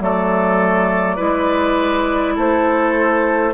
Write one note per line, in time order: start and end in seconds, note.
0.00 1.18 F#3
0.00 1.17 A3
0.00 1.16 A4
0.00 2.37 D5
1.16 2.37 G#3
1.16 3.52 E4
1.16 2.33 B4
2.35 3.54 A3
2.35 3.53 A4
2.35 3.54 C5